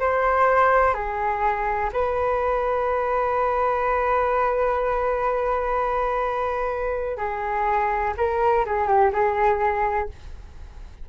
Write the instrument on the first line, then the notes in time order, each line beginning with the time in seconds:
flute
0.00 C5
0.94 G#4
1.93 B4
7.17 G#4
8.17 A#4
8.66 G#4
8.87 G4
9.13 G#4